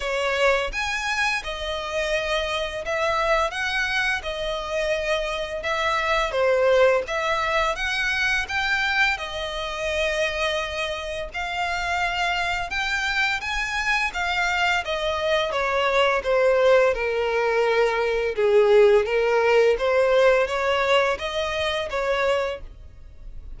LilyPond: \new Staff \with { instrumentName = "violin" } { \time 4/4 \tempo 4 = 85 cis''4 gis''4 dis''2 | e''4 fis''4 dis''2 | e''4 c''4 e''4 fis''4 | g''4 dis''2. |
f''2 g''4 gis''4 | f''4 dis''4 cis''4 c''4 | ais'2 gis'4 ais'4 | c''4 cis''4 dis''4 cis''4 | }